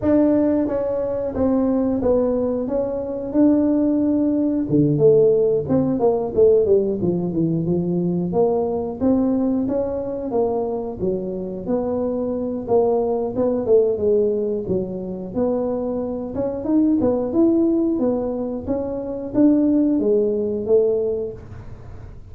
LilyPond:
\new Staff \with { instrumentName = "tuba" } { \time 4/4 \tempo 4 = 90 d'4 cis'4 c'4 b4 | cis'4 d'2 d8 a8~ | a8 c'8 ais8 a8 g8 f8 e8 f8~ | f8 ais4 c'4 cis'4 ais8~ |
ais8 fis4 b4. ais4 | b8 a8 gis4 fis4 b4~ | b8 cis'8 dis'8 b8 e'4 b4 | cis'4 d'4 gis4 a4 | }